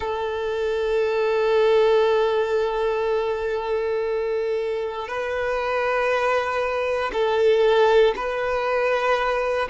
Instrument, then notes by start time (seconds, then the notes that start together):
violin
0.00 A4
5.08 B4
7.12 A4
8.15 B4